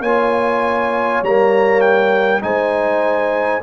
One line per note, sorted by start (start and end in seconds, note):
0.00 1.20 A#3
0.00 1.24 F4
0.00 2.41 C#5
0.00 1.22 G#5
1.22 2.42 G3
1.22 2.41 A#3
1.22 1.81 A#5
1.81 2.41 G5
2.41 3.62 G#3
2.41 3.61 D#4
2.41 3.63 C5
2.41 3.62 G#5